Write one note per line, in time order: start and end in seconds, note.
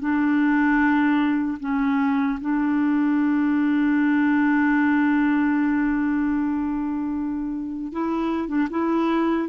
0.00 1.58 D4
1.60 2.39 C#4
2.41 7.92 D4
7.92 8.48 E4
8.48 8.68 D4
8.70 9.48 E4